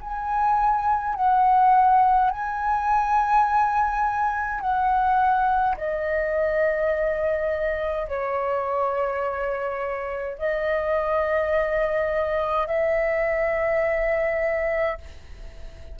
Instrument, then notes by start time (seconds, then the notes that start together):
flute
0.00 G#5
1.15 F#5
2.30 G#5
4.60 F#5
5.77 D#5
8.07 C#5
10.38 D#5
12.67 E5